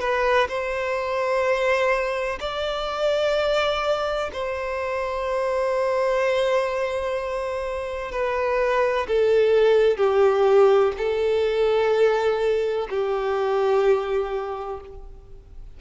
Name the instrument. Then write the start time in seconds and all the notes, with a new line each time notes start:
violin
0.00 B4
0.48 C5
2.40 D5
4.33 C5
8.12 B4
9.07 A4
9.97 G4
10.97 A4
12.90 G4